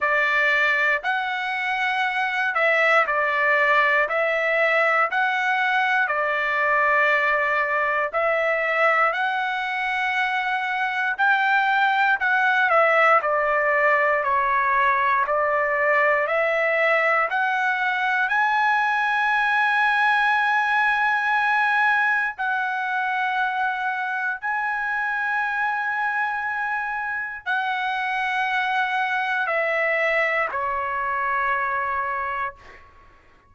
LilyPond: \new Staff \with { instrumentName = "trumpet" } { \time 4/4 \tempo 4 = 59 d''4 fis''4. e''8 d''4 | e''4 fis''4 d''2 | e''4 fis''2 g''4 | fis''8 e''8 d''4 cis''4 d''4 |
e''4 fis''4 gis''2~ | gis''2 fis''2 | gis''2. fis''4~ | fis''4 e''4 cis''2 | }